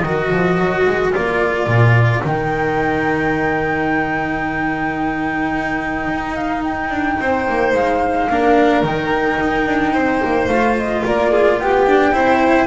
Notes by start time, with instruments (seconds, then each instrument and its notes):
0.00 double bass D#3, cello F#4, violin A#4, flute D#5
0.31 double bass F3
0.58 double bass F#3
0.87 double bass G#3
1.13 double bass A#3, cello F4, flute D5
1.67 double bass A#2
2.24 double bass D#3, cello D#4, flute G5
6.08 double bass D#4
6.35 flute F5
6.64 flute G5
6.90 double bass D4
7.20 double bass C4, violin C5
7.49 double bass A#3
7.73 double bass G#3, flute F5
8.29 double bass A#3, cello D4, violin A#4
8.83 double bass D#3, cello D#4, flute G5
9.40 double bass D#4
9.67 double bass D4
9.93 double bass C4, violin C5
10.24 double bass A#3
10.48 double bass A3, cello F4, flute F5
10.77 flute D#5
11.05 double bass A#3, violin A#4, flute D5
11.31 violin G#4
11.59 double bass B3, violin G4, flute G5
11.87 cello D4
12.12 double bass C4, cello E4, violin C5